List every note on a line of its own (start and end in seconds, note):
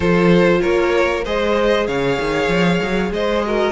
0.00 0.60 F3
0.00 1.23 F4
0.00 0.59 A4
0.00 0.61 C5
0.61 1.26 A#3
0.61 1.24 A#4
0.61 1.24 C#5
1.24 1.87 G#3
1.24 3.44 G#4
1.24 1.86 C5
1.24 1.87 D#5
1.87 2.18 C#3
1.87 3.12 C#5
1.87 3.12 F5
2.20 2.48 D#3
2.48 2.79 F3
2.82 3.10 F#3
3.10 3.72 G#3
3.10 3.45 C5
3.10 3.72 D#5
3.44 3.72 F#4
3.44 3.72 A#4